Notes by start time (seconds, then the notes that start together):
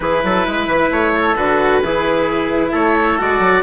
0.00 E3 E4 G#4 B4
0.23 F#3 A4
0.46 G#3 B4
0.67 E3
0.90 A3 C#5
1.14 A4
1.36 D3 F#4 B4
1.81 E3 E4 G#4
2.71 A3 A4 C#5
3.18 G#3 F#4 D5
3.39 F#3